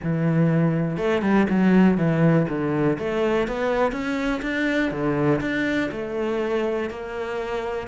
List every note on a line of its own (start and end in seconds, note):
0.03 0.97 E3
0.97 1.22 A3
1.22 1.46 G3
1.49 1.97 F#3
1.97 2.46 E3
2.49 2.98 D3
2.98 3.47 A3
3.47 3.92 B3
3.92 4.41 C#4
4.42 4.91 D4
4.91 5.40 D3
5.40 5.89 D4
5.92 6.90 A3
6.90 7.87 A#3